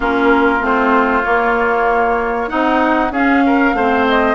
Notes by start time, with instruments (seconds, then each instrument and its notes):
0.00 bassoon A#3, clarinet C#4, oboe F4, flute A#4
0.60 bassoon A3, clarinet C4, flute C5
1.24 clarinet A#3, bassoon A#3, flute C#5
2.47 bassoon C4, clarinet D#4, oboe D#4, flute F#5
3.10 bassoon C#4, clarinet C#4, oboe G#4, flute F5
3.46 oboe A#4
3.73 bassoon A3, clarinet C4, oboe C5
4.07 flute D#5